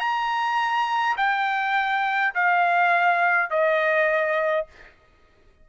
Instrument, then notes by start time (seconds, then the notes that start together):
trumpet
0.00 A#5
1.18 G5
2.35 F5
3.51 D#5